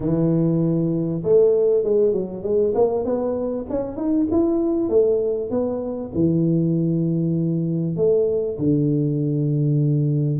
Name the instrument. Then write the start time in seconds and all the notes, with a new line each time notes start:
tuba
0.00 E3
1.23 A3
1.83 G#3
2.12 F#3
2.43 G#3
2.74 A#3
3.04 B3
3.69 C#4
3.96 D#4
4.31 E4
4.89 A3
5.50 B3
6.14 E3
7.96 A3
8.58 D3